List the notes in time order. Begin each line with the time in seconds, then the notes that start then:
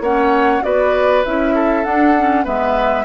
0.00 A#3 C#4 C#5 F#5
0.62 B3 F#4 B4 D5
1.25 C#4 E4 E5
1.55 A4
1.84 D4 F#5
2.17 C#4
2.44 G#3 B3 B4 E5